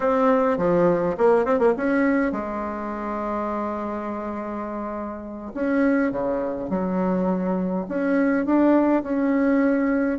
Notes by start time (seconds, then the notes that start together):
0.00 C4
0.57 F3
1.17 A#3
1.45 C4
1.59 A#3
1.76 C#4
2.32 G#3
5.54 C#4
6.11 C#3
6.69 F#3
7.88 C#4
8.45 D4
9.03 C#4